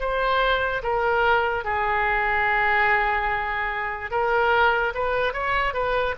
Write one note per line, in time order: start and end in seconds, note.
0.00 0.82 C5
0.83 1.64 A#4
1.64 4.11 G#4
4.11 4.93 A#4
4.94 5.33 B4
5.33 5.74 C#5
5.74 6.15 B4